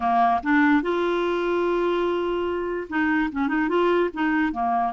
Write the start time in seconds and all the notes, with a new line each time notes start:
0.00 A#3
0.43 D4
0.82 F4
2.89 D#4
3.32 C#4
3.48 D#4
3.68 F4
4.13 D#4
4.52 A#3